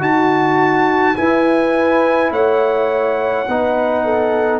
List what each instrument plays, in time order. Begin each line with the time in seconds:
0.00 tuba D#4, trombone F#4, horn F#4, trumpet A5
1.16 trombone E4, tuba E4, horn B4, trumpet G#5
2.31 tuba A3, horn C#5, trumpet F#5
3.48 tuba B3, trombone D#4, horn B4
4.05 horn A4